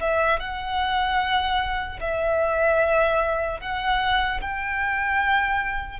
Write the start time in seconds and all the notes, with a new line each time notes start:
0.00 E5
0.40 F#5
2.00 E5
3.60 F#5
4.41 G5